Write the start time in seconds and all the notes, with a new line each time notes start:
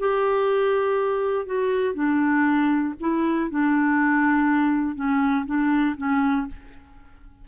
0.00 G4
1.46 F#4
1.95 D4
3.00 E4
3.50 D4
4.96 C#4
5.46 D4
5.97 C#4